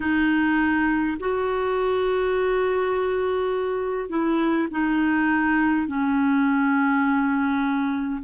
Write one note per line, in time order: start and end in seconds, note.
0.00 1.17 D#4
1.19 4.09 F#4
4.09 4.67 E4
4.71 5.87 D#4
5.87 8.22 C#4